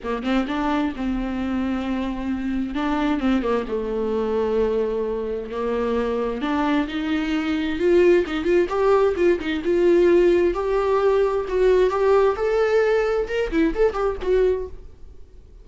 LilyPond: \new Staff \with { instrumentName = "viola" } { \time 4/4 \tempo 4 = 131 ais8 c'8 d'4 c'2~ | c'2 d'4 c'8 ais8 | a1 | ais2 d'4 dis'4~ |
dis'4 f'4 dis'8 f'8 g'4 | f'8 dis'8 f'2 g'4~ | g'4 fis'4 g'4 a'4~ | a'4 ais'8 e'8 a'8 g'8 fis'4 | }